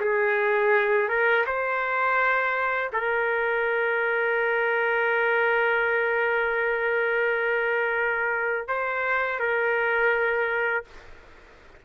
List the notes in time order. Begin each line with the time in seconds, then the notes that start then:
0.00 G#4
1.08 A#4
1.46 C5
2.92 A#4
8.68 C5
9.39 A#4